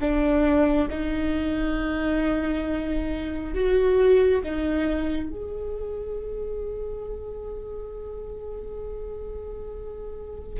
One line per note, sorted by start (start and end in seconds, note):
0.00 0.88 D4
0.90 3.54 D#4
3.54 4.42 F#4
4.43 5.30 D#4
5.30 10.59 G#4